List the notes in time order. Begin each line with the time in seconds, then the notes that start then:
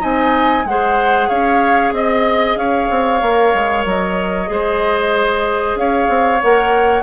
0.00 C4 D#4 D#5 G#5
0.65 G#3 G#4 C5 F#5
1.29 C#4 C#5 F5
1.93 C4 D#5
2.57 C#4 C#5 F5
2.91 C4
3.21 A#3 A#4
3.55 G#3
3.86 F#3 D#5
4.47 G#3 G#4 C5
5.76 C#4 C#5 F5
6.09 C4
6.43 A#3 A#4 F#5